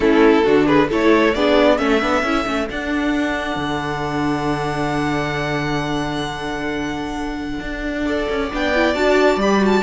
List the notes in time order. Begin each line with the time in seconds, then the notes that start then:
0.00 A3 C#4 E4 A4
0.44 D3 D4 F#4
0.66 G#4 B4
0.88 A3 E4 A4 C#5
1.34 B3 D4 G#4 D5
1.78 A3 C#4 A4 E5
2.01 B3 D4
2.22 C#4 E4
2.45 A3 C#4
2.69 D4 F#5
3.56 D3
7.60 D4
8.06 A4 D5
8.29 C#4
8.51 B3 D4 G5
8.74 E4
8.94 D4 F#4 A5
9.36 G3 G4 B5
9.60 F#4 A5